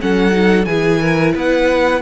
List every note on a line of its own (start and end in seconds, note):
0.00 0.66 F#3
0.00 0.31 C#4
0.00 0.68 A4
0.00 0.65 F#5
0.31 0.64 D#4
0.65 1.33 E3
0.65 1.01 G#4
0.65 1.32 G#5
0.71 2.02 E4
1.01 1.34 A#4
1.34 2.02 B3
1.34 2.01 B4
1.34 2.02 F#5